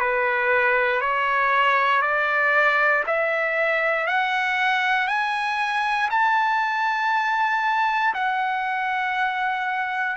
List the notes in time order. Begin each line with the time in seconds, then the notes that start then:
0.00 B4
1.01 C#5
2.02 D5
3.07 E5
4.07 F#5
5.08 G#5
6.10 A5
8.14 F#5